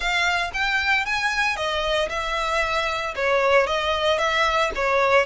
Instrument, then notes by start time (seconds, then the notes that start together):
violin
0.00 F5
0.53 G5
1.05 G#5
1.56 D#5
2.09 E5
3.15 C#5
3.66 D#5
4.18 E5
4.75 C#5